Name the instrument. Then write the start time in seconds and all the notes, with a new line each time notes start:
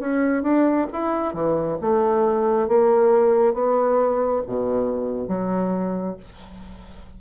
bassoon
0.00 C#4
0.43 D4
0.93 E4
1.34 E3
1.81 A3
2.68 A#3
3.54 B3
4.47 B2
5.28 F#3